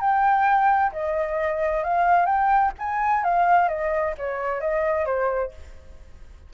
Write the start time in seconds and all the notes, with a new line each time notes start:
0.00 G5
0.92 D#5
1.83 F5
2.26 G5
2.79 G#5
3.24 F5
3.68 D#5
4.17 C#5
4.61 D#5
5.05 C5